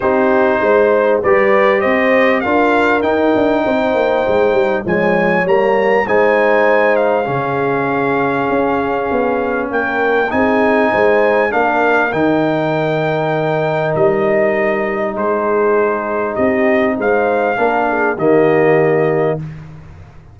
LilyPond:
<<
  \new Staff \with { instrumentName = "trumpet" } { \time 4/4 \tempo 4 = 99 c''2 d''4 dis''4 | f''4 g''2. | gis''4 ais''4 gis''4. f''8~ | f''1 |
g''4 gis''2 f''4 | g''2. dis''4~ | dis''4 c''2 dis''4 | f''2 dis''2 | }
  \new Staff \with { instrumentName = "horn" } { \time 4/4 g'4 c''4 b'4 c''4 | ais'2 c''2 | cis''2 c''2 | gis'1 |
ais'4 gis'4 c''4 ais'4~ | ais'1~ | ais'4 gis'2 g'4 | c''4 ais'8 gis'8 g'2 | }
  \new Staff \with { instrumentName = "trombone" } { \time 4/4 dis'2 g'2 | f'4 dis'2. | gis4 ais4 dis'2 | cis'1~ |
cis'4 dis'2 d'4 | dis'1~ | dis'1~ | dis'4 d'4 ais2 | }
  \new Staff \with { instrumentName = "tuba" } { \time 4/4 c'4 gis4 g4 c'4 | d'4 dis'8 d'8 c'8 ais8 gis8 g8 | f4 g4 gis2 | cis2 cis'4 b4 |
ais4 c'4 gis4 ais4 | dis2. g4~ | g4 gis2 c'4 | gis4 ais4 dis2 | }
>>